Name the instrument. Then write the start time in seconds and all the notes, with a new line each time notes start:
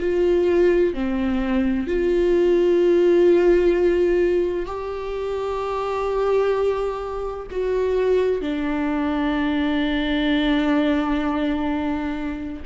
viola
0.00 F4
0.94 C4
1.87 F4
4.66 G4
7.51 F#4
8.41 D4